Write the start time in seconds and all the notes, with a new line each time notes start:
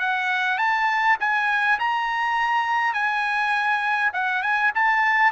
0.00 F#5
0.59 A5
1.21 G#5
1.79 A#5
2.94 G#5
4.14 F#5
4.43 G#5
4.75 A5